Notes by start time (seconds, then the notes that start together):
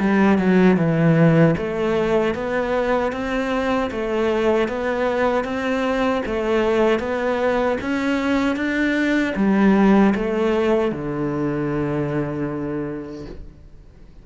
0.00 G3
0.39 F#3
0.78 E3
1.58 A3
2.35 B3
3.13 C4
3.91 A3
4.69 B3
5.45 C4
6.26 A3
7.00 B3
7.82 C#4
8.56 D4
9.36 G3
10.15 A3
10.92 D3